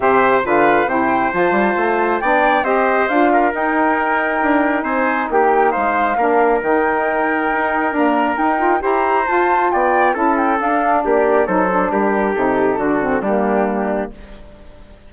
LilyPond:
<<
  \new Staff \with { instrumentName = "flute" } { \time 4/4 \tempo 4 = 136 e''4 f''4 g''4 a''4~ | a''4 g''4 dis''4 f''4 | g''2. gis''4 | g''4 f''2 g''4~ |
g''2 ais''4 g''4 | ais''4 a''4 g''4 a''8 g''8 | f''4 d''4 c''4 ais'4 | a'2 g'2 | }
  \new Staff \with { instrumentName = "trumpet" } { \time 4/4 c''4 b'4 c''2~ | c''4 d''4 c''4. ais'8~ | ais'2. c''4 | g'4 c''4 ais'2~ |
ais'1 | c''2 d''4 a'4~ | a'4 g'4 a'4 g'4~ | g'4 fis'4 d'2 | }
  \new Staff \with { instrumentName = "saxophone" } { \time 4/4 g'4 f'4 e'4 f'4~ | f'4 d'4 g'4 f'4 | dis'1~ | dis'2 d'4 dis'4~ |
dis'2 ais4 dis'8 f'8 | g'4 f'2 e'4 | d'2 dis'8 d'4. | dis'4 d'8 c'8 ais2 | }
  \new Staff \with { instrumentName = "bassoon" } { \time 4/4 c4 d4 c4 f8 g8 | a4 b4 c'4 d'4 | dis'2 d'4 c'4 | ais4 gis4 ais4 dis4~ |
dis4 dis'4 d'4 dis'4 | e'4 f'4 b4 cis'4 | d'4 ais4 fis4 g4 | c4 d4 g2 | }
>>